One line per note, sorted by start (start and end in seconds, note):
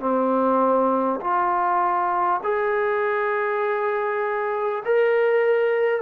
0.00 1.20 C4
1.21 2.41 F4
2.44 4.84 G#4
4.85 6.02 A#4